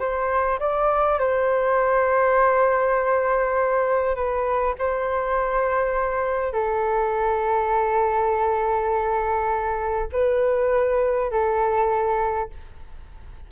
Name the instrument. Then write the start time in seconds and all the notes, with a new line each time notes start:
flute
0.00 C5
0.60 D5
1.20 C5
4.16 B4
4.79 C5
6.53 A4
10.13 B4
11.31 A4